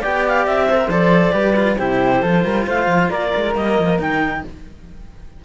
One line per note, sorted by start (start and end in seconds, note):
0.00 0.47 B3
0.00 0.68 G4
0.00 0.66 D5
0.00 0.24 G5
0.28 0.46 F5
0.46 0.88 C4
0.46 0.90 E5
0.69 0.77 A4
0.69 1.33 C5
0.77 0.88 A#4
0.88 1.32 F3
0.88 1.32 A4
0.88 1.77 D5
1.32 1.78 G3
1.32 1.54 G4
1.32 1.77 B4
1.56 1.78 F4
1.77 2.23 C3
1.77 2.22 E4
1.77 2.22 G4
1.77 2.65 C5
2.22 2.44 F3
2.22 3.55 F4
2.22 2.43 A4
2.43 2.66 G3
2.43 2.65 A#4
2.66 2.87 A3
2.66 3.10 C5
2.66 3.10 F5
2.87 3.09 F3
3.10 3.33 A#3
3.10 4.43 A#4
3.10 3.54 D5
3.36 3.55 G#3
3.55 3.77 G3
3.55 3.98 A#3
3.55 4.00 D#5
3.78 4.00 F3
3.98 4.44 D#3
3.98 4.42 D#4
3.98 4.44 G5